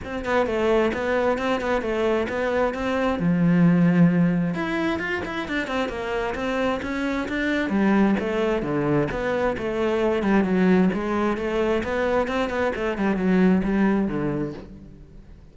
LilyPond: \new Staff \with { instrumentName = "cello" } { \time 4/4 \tempo 4 = 132 c'8 b8 a4 b4 c'8 b8 | a4 b4 c'4 f4~ | f2 e'4 f'8 e'8 | d'8 c'8 ais4 c'4 cis'4 |
d'4 g4 a4 d4 | b4 a4. g8 fis4 | gis4 a4 b4 c'8 b8 | a8 g8 fis4 g4 d4 | }